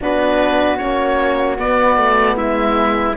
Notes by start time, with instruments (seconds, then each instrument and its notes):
0.00 cello B3, horn D4, flute F#4, oboe B4
0.77 cello A#3, horn C#4, oboe C#5
1.57 horn B3, cello B3, oboe D5
1.96 cello A3
2.36 cello G#3, flute E4, oboe E5